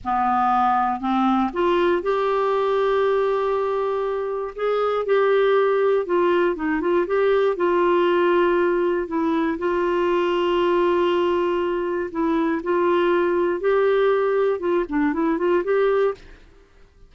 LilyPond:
\new Staff \with { instrumentName = "clarinet" } { \time 4/4 \tempo 4 = 119 b2 c'4 f'4 | g'1~ | g'4 gis'4 g'2 | f'4 dis'8 f'8 g'4 f'4~ |
f'2 e'4 f'4~ | f'1 | e'4 f'2 g'4~ | g'4 f'8 d'8 e'8 f'8 g'4 | }